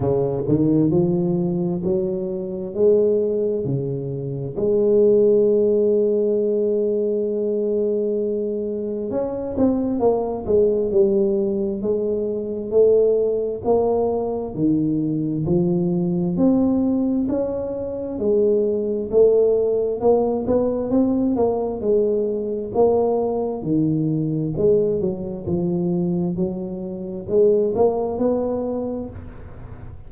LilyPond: \new Staff \with { instrumentName = "tuba" } { \time 4/4 \tempo 4 = 66 cis8 dis8 f4 fis4 gis4 | cis4 gis2.~ | gis2 cis'8 c'8 ais8 gis8 | g4 gis4 a4 ais4 |
dis4 f4 c'4 cis'4 | gis4 a4 ais8 b8 c'8 ais8 | gis4 ais4 dis4 gis8 fis8 | f4 fis4 gis8 ais8 b4 | }